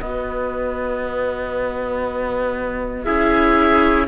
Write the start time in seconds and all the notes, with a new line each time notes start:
0.00 B3 F#4 B4 D#5
3.04 C#4 E4 G#4 E5